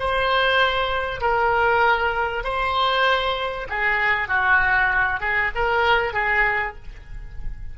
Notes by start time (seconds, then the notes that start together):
0.00 C5
1.21 A#4
2.44 C5
3.70 G#4
4.29 F#4
5.21 G#4
5.55 A#4
6.14 G#4